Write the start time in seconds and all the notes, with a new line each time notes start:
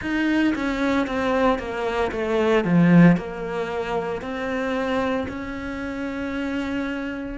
0.01 D#4
0.55 C#4
1.07 C4
1.58 A#3
2.11 A3
2.64 F3
3.16 A#3
4.21 C4
5.28 C#4